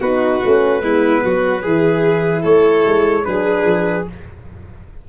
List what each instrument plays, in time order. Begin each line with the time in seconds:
0.00 tuba B3, horn D#4, violin F#4, trumpet B4
0.43 tuba A3, horn C#4
0.81 tuba G#3, horn B3, violin E4
1.24 tuba F#3, violin F#4
1.62 tuba E3, horn E4, violin G#4
2.42 tuba A3, violin A4, trumpet C#5
2.85 tuba G#3
3.24 tuba F#3, horn D4, violin G#4, trumpet B4
3.64 tuba F3